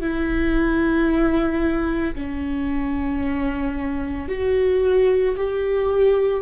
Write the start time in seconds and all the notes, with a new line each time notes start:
0.00 E4
2.15 C#4
4.28 F#4
5.36 G4